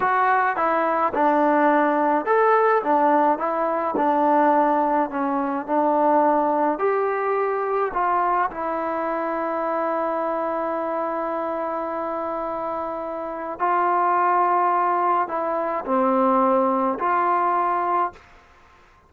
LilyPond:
\new Staff \with { instrumentName = "trombone" } { \time 4/4 \tempo 4 = 106 fis'4 e'4 d'2 | a'4 d'4 e'4 d'4~ | d'4 cis'4 d'2 | g'2 f'4 e'4~ |
e'1~ | e'1 | f'2. e'4 | c'2 f'2 | }